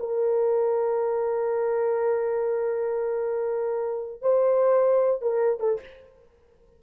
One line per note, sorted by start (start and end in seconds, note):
0.00 4.22 A#4
4.22 5.22 C5
5.22 5.60 A#4
5.60 5.80 A4